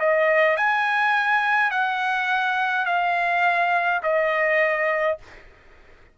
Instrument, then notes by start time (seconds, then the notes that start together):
trumpet
0.00 D#5
0.58 G#5
1.71 F#5
2.86 F5
4.03 D#5